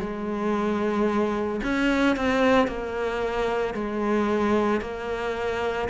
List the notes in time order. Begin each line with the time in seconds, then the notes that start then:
0.00 G#3
1.63 C#4
2.16 C4
2.67 A#3
3.74 G#3
4.81 A#3